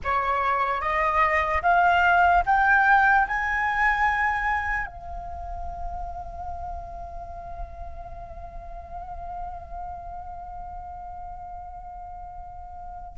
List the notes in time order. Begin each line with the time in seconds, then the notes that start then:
0.04 C#5
0.81 D#5
1.62 F5
2.45 G5
3.27 G#5
4.86 F5